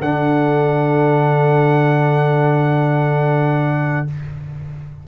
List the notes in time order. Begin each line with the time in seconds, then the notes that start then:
0.00 D3 D4 A4 F#5